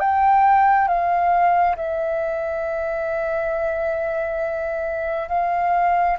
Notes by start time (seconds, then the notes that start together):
0.00 G5
0.88 F5
1.76 E5
5.29 F5